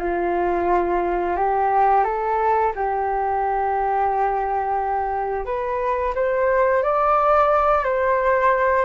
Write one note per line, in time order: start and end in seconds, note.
0.00 1.36 F4
1.36 2.04 G4
2.05 2.73 A4
2.76 5.46 G4
5.46 6.14 B4
6.15 6.83 C5
6.83 7.84 D5
7.84 8.85 C5